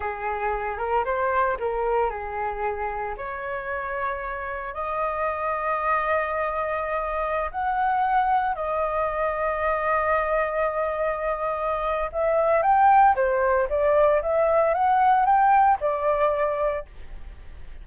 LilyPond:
\new Staff \with { instrumentName = "flute" } { \time 4/4 \tempo 4 = 114 gis'4. ais'8 c''4 ais'4 | gis'2 cis''2~ | cis''4 dis''2.~ | dis''2~ dis''16 fis''4.~ fis''16~ |
fis''16 dis''2.~ dis''8.~ | dis''2. e''4 | g''4 c''4 d''4 e''4 | fis''4 g''4 d''2 | }